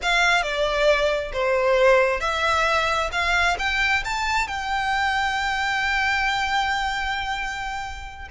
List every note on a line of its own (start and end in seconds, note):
0.02 0.42 F5
0.42 1.31 D5
1.32 2.20 C5
2.20 3.09 E5
3.11 3.56 F5
3.58 4.03 G5
4.04 4.47 A5
4.47 8.28 G5